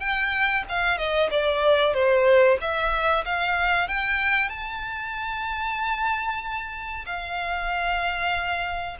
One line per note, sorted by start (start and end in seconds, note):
0.00 0.64 G5
0.69 0.98 F5
0.98 1.30 D#5
1.31 1.94 D5
1.94 2.58 C5
2.61 3.25 E5
3.25 3.88 F5
3.88 4.49 G5
4.49 7.05 A5
7.06 8.97 F5